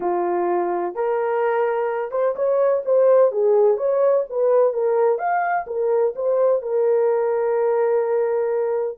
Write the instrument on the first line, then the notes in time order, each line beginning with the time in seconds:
horn
0.00 F4
0.94 A#4
2.11 C5
2.35 C#5
2.85 C5
3.31 G#4
3.77 C#5
4.29 B4
4.73 A#4
5.18 F5
5.66 A#4
6.15 C5
6.62 A#4